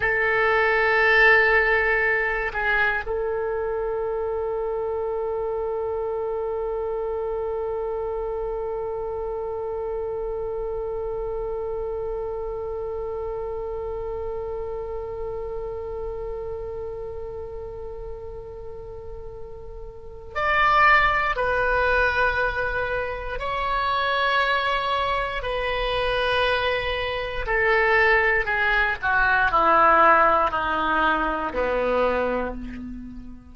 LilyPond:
\new Staff \with { instrumentName = "oboe" } { \time 4/4 \tempo 4 = 59 a'2~ a'8 gis'8 a'4~ | a'1~ | a'1~ | a'1~ |
a'1 | d''4 b'2 cis''4~ | cis''4 b'2 a'4 | gis'8 fis'8 e'4 dis'4 b4 | }